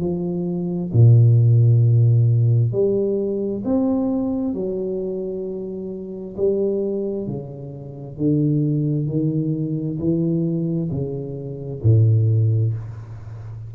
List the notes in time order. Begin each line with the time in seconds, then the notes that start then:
0.00 F3
0.93 A#2
2.72 G3
3.64 C4
4.54 F#3
6.36 G3
7.27 C#3
8.17 D3
9.07 D#3
9.99 E3
10.91 C#3
11.83 A2